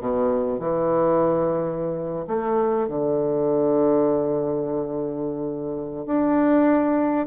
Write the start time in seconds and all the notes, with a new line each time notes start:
0.00 B2
0.59 E3
2.27 A3
2.88 D3
6.06 D4